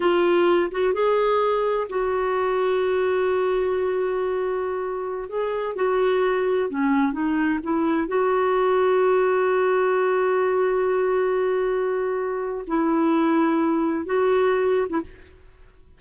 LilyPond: \new Staff \with { instrumentName = "clarinet" } { \time 4/4 \tempo 4 = 128 f'4. fis'8 gis'2 | fis'1~ | fis'2.~ fis'16 gis'8.~ | gis'16 fis'2 cis'4 dis'8.~ |
dis'16 e'4 fis'2~ fis'8.~ | fis'1~ | fis'2. e'4~ | e'2 fis'4.~ fis'16 e'16 | }